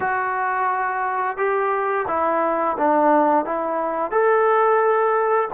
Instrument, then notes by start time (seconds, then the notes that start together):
trombone
0.00 F#4
1.37 G4
2.07 E4
2.77 D4
3.45 E4
4.11 A4